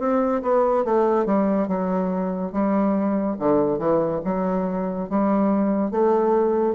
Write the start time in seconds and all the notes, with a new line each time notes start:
0.00 C4
0.43 B3
0.85 A3
1.26 G3
1.68 F#3
2.52 G3
3.39 D3
3.79 E3
4.25 F#3
5.10 G3
5.91 A3